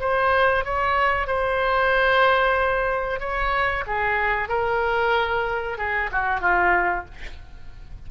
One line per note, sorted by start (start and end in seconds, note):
0.00 0.65 C5
0.65 1.27 C#5
1.27 3.20 C5
3.20 3.84 C#5
3.87 4.49 G#4
4.49 5.78 A#4
5.78 6.10 G#4
6.12 6.40 F#4
6.40 7.05 F4